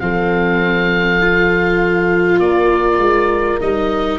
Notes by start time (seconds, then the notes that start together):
0.00 F3 C4 A4 F5
1.21 F4
2.39 A#3 A#4 D5
2.98 G#3
3.61 G3 D#4 D#5